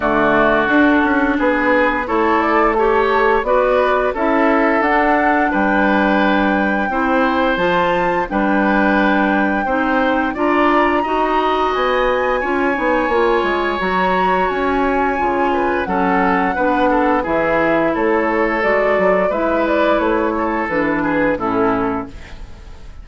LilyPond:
<<
  \new Staff \with { instrumentName = "flute" } { \time 4/4 \tempo 4 = 87 d''4 a'4 b'4 cis''8 d''8 | a'4 d''4 e''4 fis''4 | g''2. a''4 | g''2. ais''4~ |
ais''4 gis''2. | ais''4 gis''2 fis''4~ | fis''4 e''4 cis''4 d''4 | e''8 d''8 cis''4 b'4 a'4 | }
  \new Staff \with { instrumentName = "oboe" } { \time 4/4 fis'2 gis'4 a'4 | cis''4 b'4 a'2 | b'2 c''2 | b'2 c''4 d''4 |
dis''2 cis''2~ | cis''2~ cis''8 b'8 a'4 | b'8 a'8 gis'4 a'2 | b'4. a'4 gis'8 e'4 | }
  \new Staff \with { instrumentName = "clarinet" } { \time 4/4 a4 d'2 e'4 | g'4 fis'4 e'4 d'4~ | d'2 e'4 f'4 | d'2 dis'4 f'4 |
fis'2 f'8 dis'8 f'4 | fis'2 f'4 cis'4 | d'4 e'2 fis'4 | e'2 d'4 cis'4 | }
  \new Staff \with { instrumentName = "bassoon" } { \time 4/4 d4 d'8 cis'8 b4 a4~ | a4 b4 cis'4 d'4 | g2 c'4 f4 | g2 c'4 d'4 |
dis'4 b4 cis'8 b8 ais8 gis8 | fis4 cis'4 cis4 fis4 | b4 e4 a4 gis8 fis8 | gis4 a4 e4 a,4 | }
>>